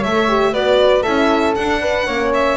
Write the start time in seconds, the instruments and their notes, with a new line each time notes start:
0.00 double bass A3, horn A4, flute C#5, violin E5
0.28 horn G4
0.52 double bass B3, horn F#4, flute B4, violin D5
1.02 double bass C#4, horn E4, flute A4, violin E5
1.55 horn D4, double bass D4, violin F#5
1.81 flute B4
2.07 double bass A#3, horn C#4, flute C#5
2.34 violin E5